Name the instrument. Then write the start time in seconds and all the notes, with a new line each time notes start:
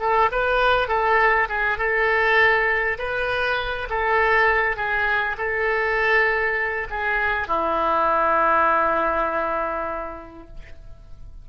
oboe
0.00 A4
0.32 B4
0.88 A4
1.49 G#4
1.78 A4
2.99 B4
3.90 A4
4.76 G#4
5.38 A4
6.90 G#4
7.48 E4